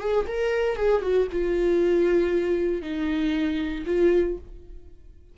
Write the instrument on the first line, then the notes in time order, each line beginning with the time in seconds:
viola
0.00 G#4
0.27 A#4
0.76 G#4
1.02 F#4
1.32 F4
2.82 D#4
3.86 F4